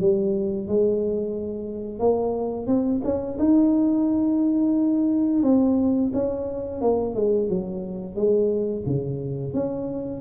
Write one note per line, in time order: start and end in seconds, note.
0.00 0.68 G3
0.68 1.99 G#3
1.99 2.67 A#3
2.67 3.01 C4
3.04 3.38 C#4
3.39 5.43 D#4
5.43 6.11 C4
6.13 6.81 C#4
6.81 7.15 A#3
7.15 7.49 G#3
7.49 8.15 F#3
8.15 8.84 G#3
8.86 9.54 C#3
9.54 10.21 C#4